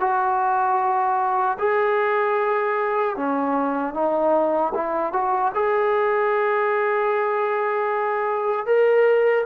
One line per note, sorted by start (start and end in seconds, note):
0.00 1.58 F#4
1.59 3.17 G#4
3.17 3.94 C#4
3.94 4.73 D#4
4.74 5.13 E4
5.13 5.52 F#4
5.54 8.66 G#4
8.66 9.45 A#4